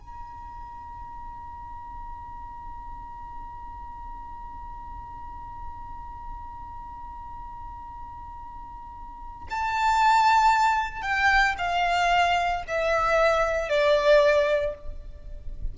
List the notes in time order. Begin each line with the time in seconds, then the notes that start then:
0.00 A#5
9.50 A5
11.02 G5
11.58 F5
12.67 E5
13.69 D5